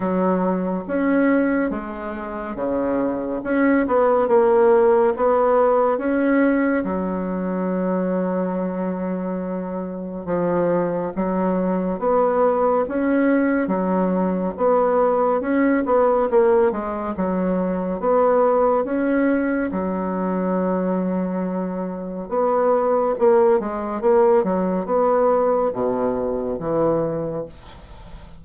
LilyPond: \new Staff \with { instrumentName = "bassoon" } { \time 4/4 \tempo 4 = 70 fis4 cis'4 gis4 cis4 | cis'8 b8 ais4 b4 cis'4 | fis1 | f4 fis4 b4 cis'4 |
fis4 b4 cis'8 b8 ais8 gis8 | fis4 b4 cis'4 fis4~ | fis2 b4 ais8 gis8 | ais8 fis8 b4 b,4 e4 | }